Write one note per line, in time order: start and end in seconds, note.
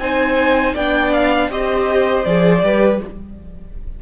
0.00 0.75 C4
0.00 0.77 D#4
0.00 0.74 C5
0.00 0.75 G#5
0.74 1.50 B3
0.74 1.51 D4
0.74 1.49 D5
0.74 1.13 G5
1.13 1.51 F5
1.50 2.25 C4
1.50 2.26 G4
1.50 2.65 C5
1.50 2.25 D#5
2.25 2.63 F3
2.25 2.62 G#4
2.25 3.00 D5
2.62 3.01 G3
2.62 3.00 G4
2.62 3.02 B4